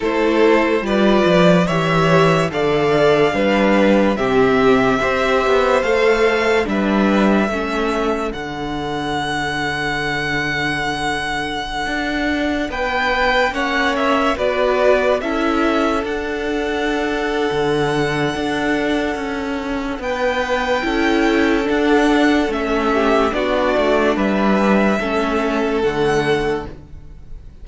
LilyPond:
<<
  \new Staff \with { instrumentName = "violin" } { \time 4/4 \tempo 4 = 72 c''4 d''4 e''4 f''4~ | f''4 e''2 f''4 | e''2 fis''2~ | fis''2.~ fis''16 g''8.~ |
g''16 fis''8 e''8 d''4 e''4 fis''8.~ | fis''1 | g''2 fis''4 e''4 | d''4 e''2 fis''4 | }
  \new Staff \with { instrumentName = "violin" } { \time 4/4 a'4 b'4 cis''4 d''4 | b'4 g'4 c''2 | b'4 a'2.~ | a'2.~ a'16 b'8.~ |
b'16 cis''4 b'4 a'4.~ a'16~ | a'1 | b'4 a'2~ a'8 g'8 | fis'4 b'4 a'2 | }
  \new Staff \with { instrumentName = "viola" } { \time 4/4 e'4 f'4 g'4 a'4 | d'4 c'4 g'4 a'4 | d'4 cis'4 d'2~ | d'1~ |
d'16 cis'4 fis'4 e'4 d'8.~ | d'1~ | d'4 e'4 d'4 cis'4 | d'2 cis'4 a4 | }
  \new Staff \with { instrumentName = "cello" } { \time 4/4 a4 g8 f8 e4 d4 | g4 c4 c'8 b8 a4 | g4 a4 d2~ | d2~ d16 d'4 b8.~ |
b16 ais4 b4 cis'4 d'8.~ | d'4 d4 d'4 cis'4 | b4 cis'4 d'4 a4 | b8 a8 g4 a4 d4 | }
>>